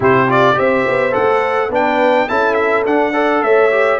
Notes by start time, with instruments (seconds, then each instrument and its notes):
0.00 tuba C3, trombone E4, horn G4, trumpet C5
0.27 trombone F4, trumpet D5
0.54 tuba C4, trombone G4, horn C5, trumpet E5
0.87 tuba B3
1.11 tuba A3, trombone A4, trumpet F#5
1.69 tuba B3, trombone D4, horn B4, trumpet G5
2.28 tuba C#4, trombone E4, horn A4, trumpet A5
2.54 trumpet E5
2.85 tuba D4, trombone D4, trumpet F#5
3.13 trombone A4, horn D5
3.42 tuba A3, horn C#5, trumpet E5
3.70 trombone G4